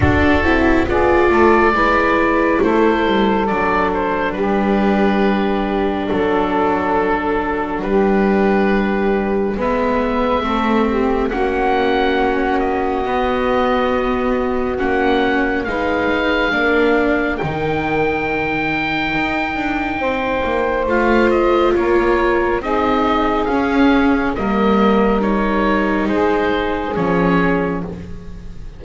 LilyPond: <<
  \new Staff \with { instrumentName = "oboe" } { \time 4/4 \tempo 4 = 69 a'4 d''2 c''4 | d''8 c''8 b'2 a'4~ | a'4 b'2 e''4~ | e''4 fis''4. dis''4.~ |
dis''4 fis''4 f''2 | g''1 | f''8 dis''8 cis''4 dis''4 f''4 | dis''4 cis''4 c''4 cis''4 | }
  \new Staff \with { instrumentName = "saxophone" } { \time 4/4 fis'4 gis'8 a'8 b'4 a'4~ | a'4 g'2 a'4~ | a'4 g'2 b'4 | a'8 g'8 fis'2.~ |
fis'2 b'4 ais'4~ | ais'2. c''4~ | c''4 ais'4 gis'2 | ais'2 gis'2 | }
  \new Staff \with { instrumentName = "viola" } { \time 4/4 d'8 e'8 f'4 e'2 | d'1~ | d'2. b4 | c'4 cis'2 b4~ |
b4 cis'4 dis'4 d'4 | dis'1 | f'2 dis'4 cis'4 | ais4 dis'2 cis'4 | }
  \new Staff \with { instrumentName = "double bass" } { \time 4/4 d'8 c'8 b8 a8 gis4 a8 g8 | fis4 g2 fis4~ | fis4 g2 gis4 | a4 ais2 b4~ |
b4 ais4 gis4 ais4 | dis2 dis'8 d'8 c'8 ais8 | a4 ais4 c'4 cis'4 | g2 gis4 f4 | }
>>